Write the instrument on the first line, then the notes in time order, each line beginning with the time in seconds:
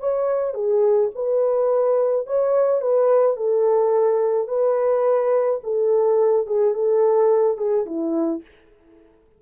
horn
0.00 C#5
0.55 G#4
1.15 B4
2.27 C#5
2.82 B4
3.37 A4
4.48 B4
5.64 A4
6.47 G#4
6.74 A4
7.58 G#4
7.86 E4